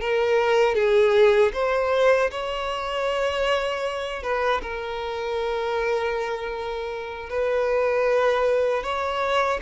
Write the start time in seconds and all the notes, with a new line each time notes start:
0.00 A#4
0.74 G#4
1.53 C5
2.30 C#5
4.22 B4
4.62 A#4
7.29 B4
8.83 C#5